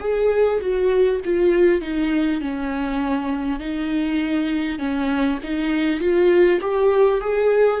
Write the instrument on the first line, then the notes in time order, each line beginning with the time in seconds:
viola
0.00 G#4
0.60 F#4
1.24 F4
1.81 D#4
2.40 C#4
3.59 D#4
4.78 C#4
5.43 D#4
6.00 F4
6.60 G4
7.21 G#4